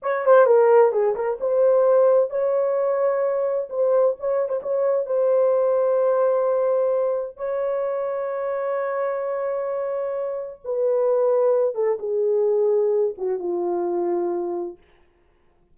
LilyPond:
\new Staff \with { instrumentName = "horn" } { \time 4/4 \tempo 4 = 130 cis''8 c''8 ais'4 gis'8 ais'8 c''4~ | c''4 cis''2. | c''4 cis''8. c''16 cis''4 c''4~ | c''1 |
cis''1~ | cis''2. b'4~ | b'4. a'8 gis'2~ | gis'8 fis'8 f'2. | }